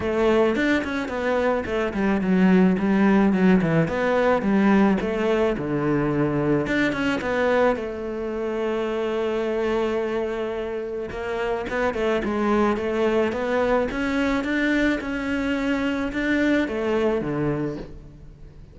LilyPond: \new Staff \with { instrumentName = "cello" } { \time 4/4 \tempo 4 = 108 a4 d'8 cis'8 b4 a8 g8 | fis4 g4 fis8 e8 b4 | g4 a4 d2 | d'8 cis'8 b4 a2~ |
a1 | ais4 b8 a8 gis4 a4 | b4 cis'4 d'4 cis'4~ | cis'4 d'4 a4 d4 | }